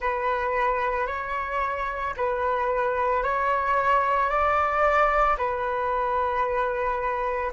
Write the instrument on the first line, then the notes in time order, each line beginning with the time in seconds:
flute
0.00 B4
1.07 C#5
2.16 B4
3.23 C#5
4.29 D5
5.37 B4